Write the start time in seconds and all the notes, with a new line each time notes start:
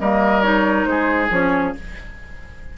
0.00 G3 A#3 A#4 D#5
0.42 D#4 C#5
0.85 G#3 G#4 C5
1.31 F3 C#4 C#5